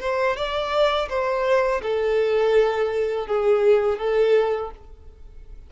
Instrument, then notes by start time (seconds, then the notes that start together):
violin
0.00 C5
0.36 D5
1.09 C5
1.82 A4
3.27 G#4
3.98 A4